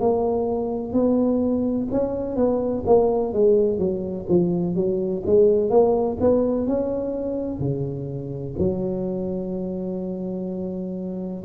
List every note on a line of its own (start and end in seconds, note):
0.00 0.93 A#3
0.93 1.88 B3
1.91 2.35 C#4
2.35 2.83 B3
2.86 3.33 A#3
3.33 3.78 G#3
3.78 4.26 F#3
4.29 4.75 F3
4.75 5.23 F#3
5.26 5.70 G#3
5.70 6.17 A#3
6.20 6.67 B3
6.67 7.59 C#4
7.59 8.54 C#3
8.58 11.44 F#3